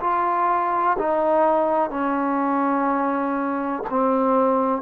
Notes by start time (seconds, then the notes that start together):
0.00 F4
0.99 D#4
1.90 C#4
3.89 C4